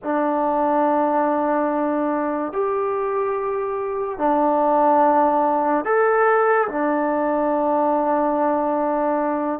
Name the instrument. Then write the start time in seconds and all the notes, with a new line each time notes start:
trombone
0.03 D4
2.52 G4
4.18 D4
5.84 A4
6.68 D4